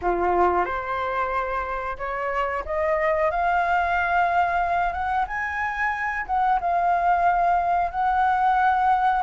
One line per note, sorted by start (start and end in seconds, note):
0.01 0.65 F4
0.65 1.97 C5
1.98 2.63 C#5
2.65 3.30 D#5
3.30 4.92 F5
4.92 5.25 F#5
5.27 6.25 G#5
6.26 6.59 F#5
6.60 7.91 F5
7.91 9.22 F#5